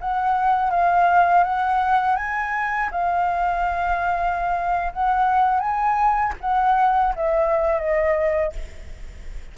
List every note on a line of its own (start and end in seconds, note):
0.00 0.70 F#5
0.70 1.43 F5
1.43 2.16 F#5
2.16 2.89 G#5
2.91 4.92 F5
4.93 5.59 F#5
5.59 6.33 G#5
6.40 7.13 F#5
7.15 7.79 E5
7.79 8.52 D#5